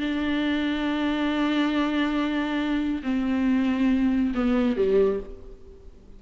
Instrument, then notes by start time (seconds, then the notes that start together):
viola
0.00 D4
3.03 C4
4.35 B3
4.77 G3